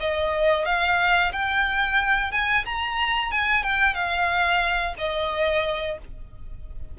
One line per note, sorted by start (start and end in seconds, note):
0.00 0.65 D#5
0.65 1.32 F5
1.33 2.32 G5
2.32 2.65 G#5
2.65 3.32 A#5
3.32 3.63 G#5
3.63 3.95 G5
3.95 4.95 F5
4.98 5.98 D#5